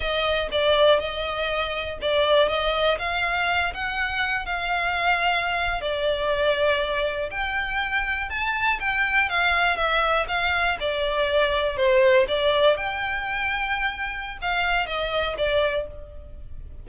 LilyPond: \new Staff \with { instrumentName = "violin" } { \time 4/4 \tempo 4 = 121 dis''4 d''4 dis''2 | d''4 dis''4 f''4. fis''8~ | fis''4 f''2~ f''8. d''16~ | d''2~ d''8. g''4~ g''16~ |
g''8. a''4 g''4 f''4 e''16~ | e''8. f''4 d''2 c''16~ | c''8. d''4 g''2~ g''16~ | g''4 f''4 dis''4 d''4 | }